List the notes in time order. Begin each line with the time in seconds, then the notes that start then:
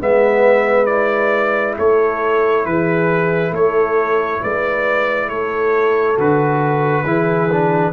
0.00 G#3 B3 B4 E5
0.86 E4 D5
1.78 A3 A4 C#5
2.66 E3 G#4 B4
3.51 A3 A4 C#5
4.42 G#3 B4 D5
5.28 A3 A4 C#5
6.16 D3 F#4 B4
7.05 E3 E4 G#4
7.52 D4